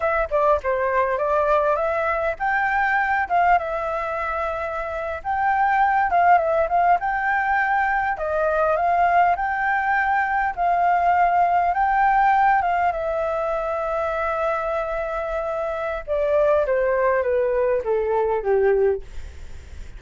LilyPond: \new Staff \with { instrumentName = "flute" } { \time 4/4 \tempo 4 = 101 e''8 d''8 c''4 d''4 e''4 | g''4. f''8 e''2~ | e''8. g''4. f''8 e''8 f''8 g''16~ | g''4.~ g''16 dis''4 f''4 g''16~ |
g''4.~ g''16 f''2 g''16~ | g''4~ g''16 f''8 e''2~ e''16~ | e''2. d''4 | c''4 b'4 a'4 g'4 | }